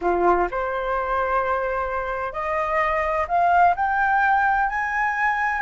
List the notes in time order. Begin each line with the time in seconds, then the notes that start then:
0.01 F4
0.50 C5
2.32 D#5
3.28 F5
3.75 G5
4.69 G#5